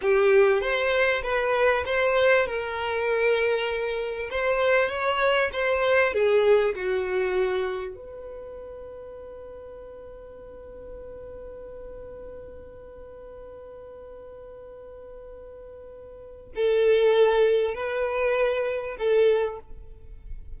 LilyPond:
\new Staff \with { instrumentName = "violin" } { \time 4/4 \tempo 4 = 98 g'4 c''4 b'4 c''4 | ais'2. c''4 | cis''4 c''4 gis'4 fis'4~ | fis'4 b'2.~ |
b'1~ | b'1~ | b'2. a'4~ | a'4 b'2 a'4 | }